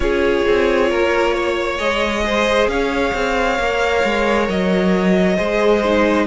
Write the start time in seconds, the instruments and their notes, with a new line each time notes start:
0.00 cello C#4, viola F4, violin G#4 C#5
0.47 cello C4
0.90 cello A#3, violin A#4
1.34 violin C#5
1.78 cello G#3, viola G#4, violin D#5
2.25 violin C5
2.67 cello C#4, violin C#5 F5
3.14 cello C4
3.58 cello A#3, viola A#4
4.04 cello G#3
4.48 cello F#3, violin D#5
5.36 cello G#3, viola G#4, violin C5
5.84 viola D#4